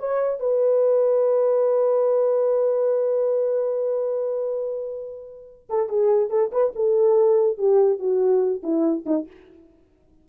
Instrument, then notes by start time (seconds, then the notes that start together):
horn
0.00 C#5
0.40 B4
5.70 A4
5.89 G#4
6.31 A4
6.52 B4
6.76 A4
7.58 G4
7.99 F#4
8.64 E4
9.07 D#4